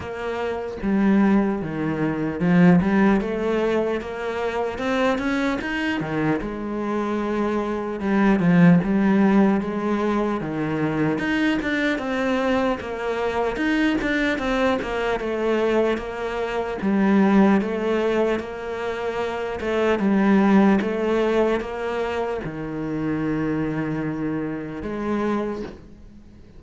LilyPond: \new Staff \with { instrumentName = "cello" } { \time 4/4 \tempo 4 = 75 ais4 g4 dis4 f8 g8 | a4 ais4 c'8 cis'8 dis'8 dis8 | gis2 g8 f8 g4 | gis4 dis4 dis'8 d'8 c'4 |
ais4 dis'8 d'8 c'8 ais8 a4 | ais4 g4 a4 ais4~ | ais8 a8 g4 a4 ais4 | dis2. gis4 | }